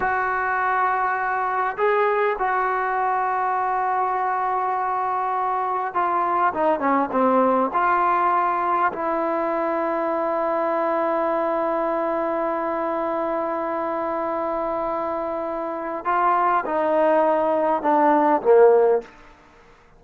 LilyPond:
\new Staff \with { instrumentName = "trombone" } { \time 4/4 \tempo 4 = 101 fis'2. gis'4 | fis'1~ | fis'2 f'4 dis'8 cis'8 | c'4 f'2 e'4~ |
e'1~ | e'1~ | e'2. f'4 | dis'2 d'4 ais4 | }